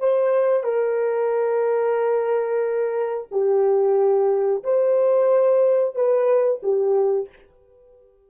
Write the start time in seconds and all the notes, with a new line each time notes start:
0.00 C5
0.64 A#4
3.31 G4
4.64 C5
5.96 B4
6.63 G4